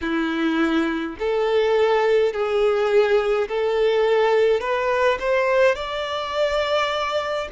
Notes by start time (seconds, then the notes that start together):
0.01 E4
1.19 A4
2.32 G#4
3.48 A4
4.60 B4
5.19 C5
5.75 D5